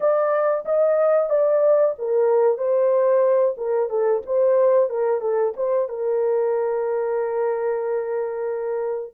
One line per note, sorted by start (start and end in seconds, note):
0.00 0.65 D5
0.65 1.29 D#5
1.29 1.94 D5
1.98 2.57 A#4
2.57 3.55 C5
3.57 3.89 A#4
3.89 4.22 A4
4.26 4.89 C5
4.89 5.21 A#4
5.21 5.53 A4
5.56 5.88 C5
5.88 9.14 A#4